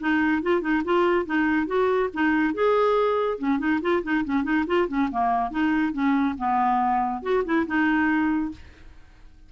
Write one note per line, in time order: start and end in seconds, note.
0.00 0.42 D#4
0.42 0.61 F4
0.61 0.82 D#4
0.84 1.26 F4
1.26 1.67 D#4
1.67 2.09 F#4
2.14 2.54 D#4
2.54 3.38 G#4
3.38 3.58 C#4
3.58 3.80 D#4
3.81 4.03 F4
4.03 4.24 D#4
4.25 4.43 C#4
4.43 4.65 D#4
4.67 4.88 F4
4.88 5.09 C#4
5.11 5.50 A#3
5.50 5.92 D#4
5.92 6.35 C#4
6.38 7.22 B3
7.22 7.44 F#4
7.45 7.66 E4
7.67 8.52 D#4